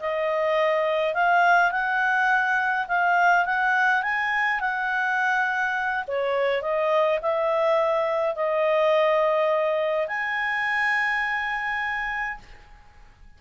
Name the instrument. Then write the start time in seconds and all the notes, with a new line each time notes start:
clarinet
0.00 D#5
1.14 F5
1.72 F#5
2.88 F5
3.45 F#5
4.03 G#5
4.60 F#5
6.07 C#5
6.62 D#5
7.22 E5
8.36 D#5
10.08 G#5